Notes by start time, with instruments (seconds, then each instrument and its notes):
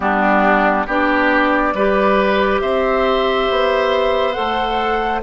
0.00 bassoon G3, clarinet B3, oboe D4, flute G4
0.86 bassoon B3, clarinet D4, oboe G4, flute D5
1.73 bassoon G3, clarinet G4, oboe B4
2.61 bassoon C4, oboe C5, flute E5
3.50 bassoon B3
4.32 bassoon A3, clarinet A4, flute F#5